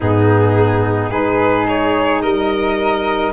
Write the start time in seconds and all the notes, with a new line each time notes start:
0.00 G#2 B3 D#4 G#4
1.10 G#3 D#4 G#4 B4
1.68 C#5
2.21 G3 A#4 D#5